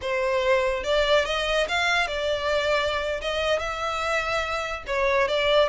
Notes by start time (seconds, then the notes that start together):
0.01 C5
0.83 D5
1.25 D#5
1.68 F5
2.07 D5
3.21 D#5
3.59 E5
4.86 C#5
5.28 D5